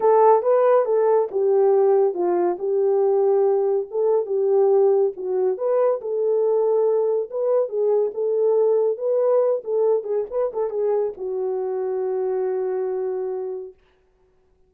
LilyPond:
\new Staff \with { instrumentName = "horn" } { \time 4/4 \tempo 4 = 140 a'4 b'4 a'4 g'4~ | g'4 f'4 g'2~ | g'4 a'4 g'2 | fis'4 b'4 a'2~ |
a'4 b'4 gis'4 a'4~ | a'4 b'4. a'4 gis'8 | b'8 a'8 gis'4 fis'2~ | fis'1 | }